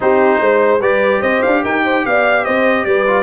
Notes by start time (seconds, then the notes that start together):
0.00 C4 D#4 G4 C5
0.40 G#3 C5
0.80 G3 G4 B4 D5
1.21 C4 C5 D#5
1.42 D4 F5
1.63 D#4 A#4 G5
1.84 C5
2.05 B3 D5 F5
2.44 C4 C5 D#5
2.85 G3 B4 D5
3.07 F4